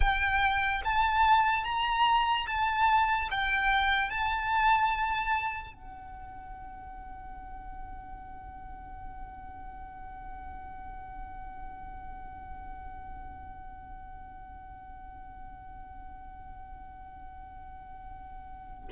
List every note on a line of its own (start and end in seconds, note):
0.00 0.81 G5
0.84 1.64 A5
1.64 2.46 A#5
2.47 3.29 A5
3.30 4.09 G5
4.09 5.73 A5
5.73 18.88 F#5